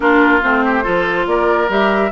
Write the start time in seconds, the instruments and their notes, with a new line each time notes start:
0.00 bassoon A#3, clarinet D4, oboe F4, flute A#4
0.42 bassoon A3, clarinet C4, flute C5
0.64 oboe G4
0.83 bassoon F3, clarinet F4, oboe A4
1.26 bassoon A#3, oboe A#4, flute D5
1.68 bassoon G3, clarinet G4, flute E5